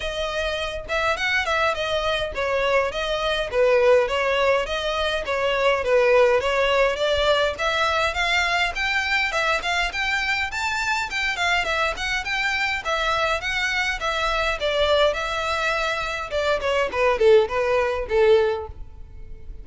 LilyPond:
\new Staff \with { instrumentName = "violin" } { \time 4/4 \tempo 4 = 103 dis''4. e''8 fis''8 e''8 dis''4 | cis''4 dis''4 b'4 cis''4 | dis''4 cis''4 b'4 cis''4 | d''4 e''4 f''4 g''4 |
e''8 f''8 g''4 a''4 g''8 f''8 | e''8 fis''8 g''4 e''4 fis''4 | e''4 d''4 e''2 | d''8 cis''8 b'8 a'8 b'4 a'4 | }